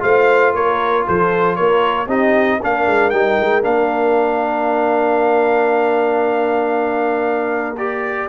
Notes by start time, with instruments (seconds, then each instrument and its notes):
0.00 tuba A3, trombone F4, horn C5, trumpet F5
0.54 tuba A#3, horn A#4, trumpet C#5
1.06 tuba F3, horn A4, trumpet C5
1.56 tuba A#3, horn A#4, trumpet C#5
2.07 tuba C4, trombone D#4, horn G4, trumpet D#5
2.62 tuba A#3, trombone D4, horn A#4, trumpet F5
2.87 tuba G#3
3.10 tuba G3, trombone D#4, trumpet G5
3.40 tuba G#3
3.62 tuba A#3, trombone D4, trumpet F5
7.77 trombone G4, trumpet D5